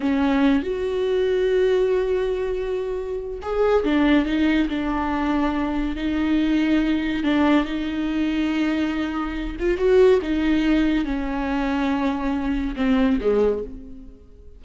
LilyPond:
\new Staff \with { instrumentName = "viola" } { \time 4/4 \tempo 4 = 141 cis'4. fis'2~ fis'8~ | fis'1 | gis'4 d'4 dis'4 d'4~ | d'2 dis'2~ |
dis'4 d'4 dis'2~ | dis'2~ dis'8 f'8 fis'4 | dis'2 cis'2~ | cis'2 c'4 gis4 | }